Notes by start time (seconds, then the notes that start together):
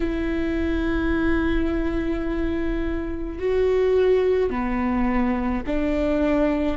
0.00 E4
3.39 F#4
4.50 B3
5.66 D4